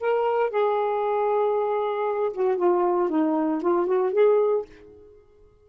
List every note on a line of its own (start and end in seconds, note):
0.00 0.50 A#4
0.50 2.32 G#4
2.33 2.57 F#4
2.57 3.09 F4
3.09 3.61 D#4
3.61 3.87 F4
3.87 4.13 F#4
4.13 4.65 G#4